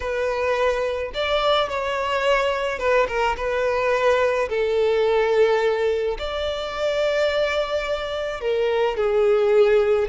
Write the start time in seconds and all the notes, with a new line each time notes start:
0.00 B4
1.14 D5
1.69 C#5
2.78 B4
3.08 A#4
3.36 B4
4.49 A4
6.18 D5
8.40 A#4
8.96 G#4